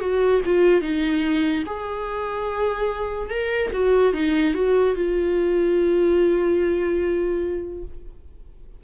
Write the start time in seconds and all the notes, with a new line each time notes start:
0.00 F#4
0.46 F4
0.81 D#4
1.66 G#4
3.30 A#4
3.73 F#4
4.13 D#4
4.54 F#4
4.96 F4